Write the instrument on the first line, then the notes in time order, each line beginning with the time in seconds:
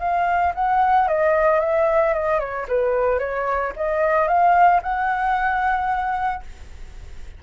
flute
0.00 F5
0.55 F#5
1.08 D#5
1.60 E5
2.14 D#5
2.40 C#5
2.69 B4
3.19 C#5
3.77 D#5
4.28 F5
4.83 F#5